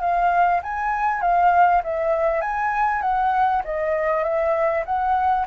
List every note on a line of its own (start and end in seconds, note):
0.00 0.61 F5
0.63 1.21 G#5
1.21 1.82 F5
1.83 2.41 E5
2.41 3.01 G#5
3.01 3.62 F#5
3.64 4.23 D#5
4.23 4.84 E5
4.85 5.46 F#5